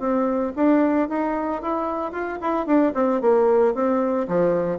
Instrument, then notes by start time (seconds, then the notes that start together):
bassoon
0.00 C4
0.56 D4
1.09 D#4
1.62 E4
2.13 F4
2.42 E4
2.67 D4
2.95 C4
3.22 A#3
3.75 C4
4.28 F3